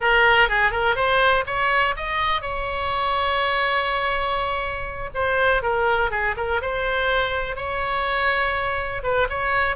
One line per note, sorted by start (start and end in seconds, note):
0.00 0.48 A#4
0.48 0.71 G#4
0.71 0.95 A#4
0.95 1.44 C5
1.46 1.95 C#5
1.96 2.41 D#5
2.41 5.10 C#5
5.14 5.62 C5
5.62 6.10 A#4
6.10 6.35 G#4
6.36 6.61 A#4
6.61 7.55 C5
7.55 9.02 C#5
9.03 9.27 B4
9.29 9.75 C#5